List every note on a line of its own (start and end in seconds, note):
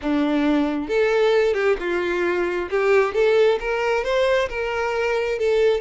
0.01 0.88 D4
0.88 1.54 A4
1.54 1.76 G4
1.79 2.69 F4
2.69 3.14 G4
3.14 3.58 A4
3.59 4.03 A#4
4.03 4.48 C5
4.49 5.38 A#4
5.38 5.80 A4